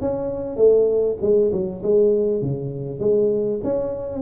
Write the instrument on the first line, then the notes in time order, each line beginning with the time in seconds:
tuba
0.00 C#4
0.56 A3
1.21 G#3
1.52 F#3
1.82 G#3
2.41 C#3
2.99 G#3
3.63 C#4